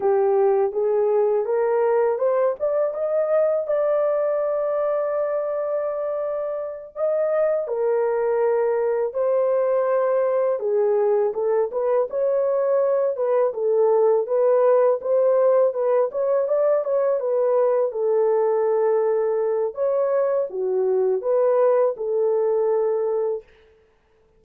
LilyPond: \new Staff \with { instrumentName = "horn" } { \time 4/4 \tempo 4 = 82 g'4 gis'4 ais'4 c''8 d''8 | dis''4 d''2.~ | d''4. dis''4 ais'4.~ | ais'8 c''2 gis'4 a'8 |
b'8 cis''4. b'8 a'4 b'8~ | b'8 c''4 b'8 cis''8 d''8 cis''8 b'8~ | b'8 a'2~ a'8 cis''4 | fis'4 b'4 a'2 | }